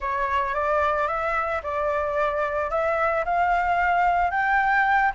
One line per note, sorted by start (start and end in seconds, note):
0.00 0.54 C#5
0.54 1.07 D5
1.07 1.61 E5
1.62 2.70 D5
2.70 3.24 E5
3.24 4.30 F5
4.30 5.12 G5